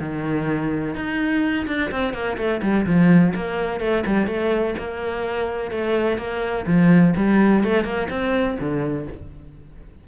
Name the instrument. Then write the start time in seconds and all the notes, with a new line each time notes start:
cello
0.00 D#3
0.95 D#4
1.67 D4
1.92 C4
2.14 A#3
2.38 A3
2.63 G3
2.87 F3
3.35 A#3
3.81 A3
4.07 G3
4.27 A3
4.79 A#3
5.72 A3
6.18 A#3
6.67 F3
7.16 G3
7.64 A3
7.84 A#3
8.10 C4
8.60 D3